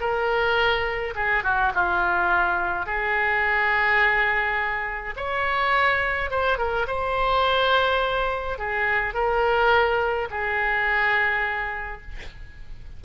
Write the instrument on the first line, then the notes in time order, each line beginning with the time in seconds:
oboe
0.00 A#4
1.15 G#4
1.44 F#4
1.75 F4
2.86 G#4
5.17 C#5
6.30 C5
6.58 A#4
6.87 C5
8.58 G#4
9.14 A#4
10.30 G#4